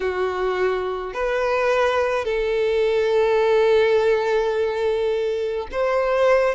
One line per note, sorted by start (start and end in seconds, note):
0.00 1.13 F#4
1.13 2.24 B4
2.24 5.67 A4
5.71 6.55 C5